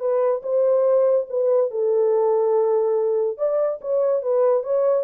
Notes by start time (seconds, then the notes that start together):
0.00 B4
0.43 C5
1.30 B4
1.71 A4
3.38 D5
3.81 C#5
4.23 B4
4.63 C#5